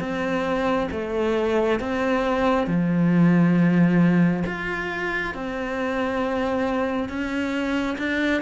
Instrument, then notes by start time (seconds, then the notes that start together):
cello
0.00 C4
0.92 A3
1.80 C4
2.67 F3
4.46 F4
5.35 C4
7.09 C#4
7.98 D4